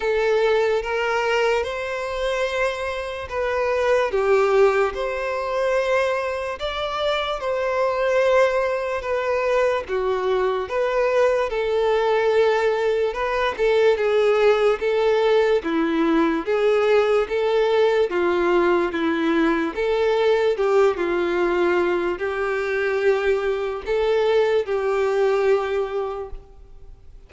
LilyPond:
\new Staff \with { instrumentName = "violin" } { \time 4/4 \tempo 4 = 73 a'4 ais'4 c''2 | b'4 g'4 c''2 | d''4 c''2 b'4 | fis'4 b'4 a'2 |
b'8 a'8 gis'4 a'4 e'4 | gis'4 a'4 f'4 e'4 | a'4 g'8 f'4. g'4~ | g'4 a'4 g'2 | }